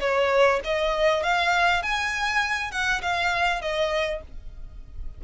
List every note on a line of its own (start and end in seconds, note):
0.00 0.60 C#5
0.64 1.22 D#5
1.22 1.82 F5
1.82 2.71 G#5
2.71 3.01 F#5
3.01 3.61 F5
3.61 4.21 D#5